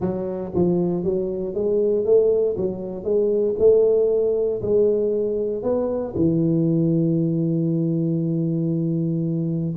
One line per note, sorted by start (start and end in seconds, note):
0.00 0.52 F#3
0.54 1.04 F3
1.04 1.54 F#3
1.54 2.05 G#3
2.05 2.56 A3
2.56 3.04 F#3
3.04 3.55 G#3
3.59 4.61 A3
4.62 5.62 G#3
5.62 6.14 B3
6.16 9.75 E3